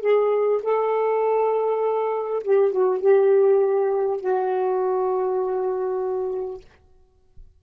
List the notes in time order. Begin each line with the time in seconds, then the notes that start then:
0.00 G#4
0.62 A4
2.44 G4
2.71 F#4
3.01 G4
4.21 F#4